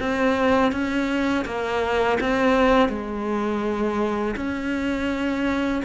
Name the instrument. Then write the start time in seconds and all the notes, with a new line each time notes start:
cello
0.00 C4
0.72 C#4
1.46 A#3
2.21 C4
2.89 G#3
4.37 C#4